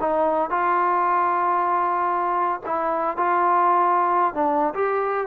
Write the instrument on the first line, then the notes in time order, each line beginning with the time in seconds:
trombone
0.00 D#4
0.50 F4
2.66 E4
3.17 F4
4.34 D4
4.74 G4